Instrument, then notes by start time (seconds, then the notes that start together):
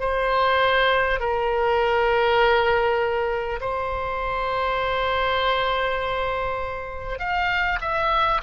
oboe
0.00 C5
1.20 A#4
3.61 C5
7.19 F5
7.82 E5